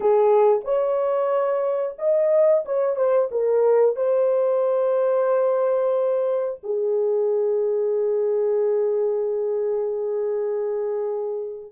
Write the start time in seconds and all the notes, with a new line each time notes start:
0.00 G#4
0.64 C#5
1.98 D#5
2.65 C#5
2.96 C5
3.31 A#4
3.96 C5
6.63 G#4